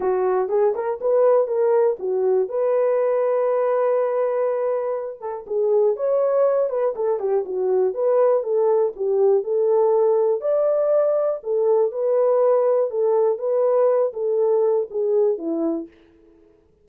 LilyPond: \new Staff \with { instrumentName = "horn" } { \time 4/4 \tempo 4 = 121 fis'4 gis'8 ais'8 b'4 ais'4 | fis'4 b'2.~ | b'2~ b'8 a'8 gis'4 | cis''4. b'8 a'8 g'8 fis'4 |
b'4 a'4 g'4 a'4~ | a'4 d''2 a'4 | b'2 a'4 b'4~ | b'8 a'4. gis'4 e'4 | }